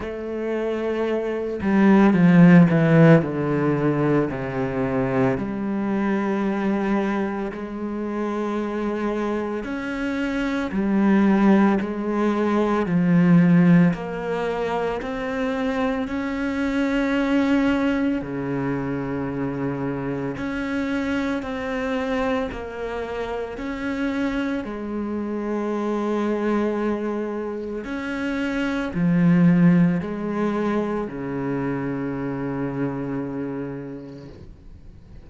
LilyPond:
\new Staff \with { instrumentName = "cello" } { \time 4/4 \tempo 4 = 56 a4. g8 f8 e8 d4 | c4 g2 gis4~ | gis4 cis'4 g4 gis4 | f4 ais4 c'4 cis'4~ |
cis'4 cis2 cis'4 | c'4 ais4 cis'4 gis4~ | gis2 cis'4 f4 | gis4 cis2. | }